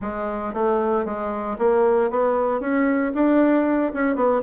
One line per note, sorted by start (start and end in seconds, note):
0.01 0.53 G#3
0.53 1.05 A3
1.05 1.57 G#3
1.58 2.10 A#3
2.10 2.60 B3
2.60 3.12 C#4
3.14 3.92 D4
3.93 4.15 C#4
4.15 4.41 B3